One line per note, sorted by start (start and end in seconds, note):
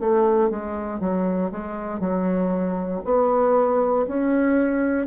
0.00 0.50 A3
0.50 1.00 G#3
1.00 1.51 F#3
1.51 2.00 G#3
2.00 3.01 F#3
3.05 4.06 B3
4.08 5.07 C#4